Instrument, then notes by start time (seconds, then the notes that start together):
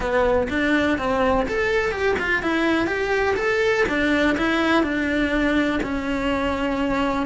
cello
0.00 B3
0.49 D4
0.98 C4
1.48 A4
1.91 G4
2.19 F4
2.42 E4
2.86 G4
3.36 A4
3.88 D4
4.37 E4
4.83 D4
5.82 C#4